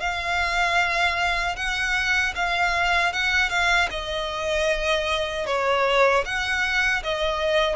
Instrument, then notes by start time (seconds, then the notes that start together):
violin
0.00 F5
1.56 F#5
2.35 F5
3.13 F#5
3.50 F5
3.91 D#5
5.47 C#5
6.25 F#5
7.03 D#5